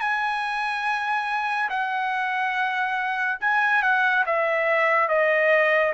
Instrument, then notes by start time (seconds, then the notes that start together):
trumpet
0.00 G#5
1.69 F#5
3.40 G#5
3.82 F#5
4.26 E5
5.08 D#5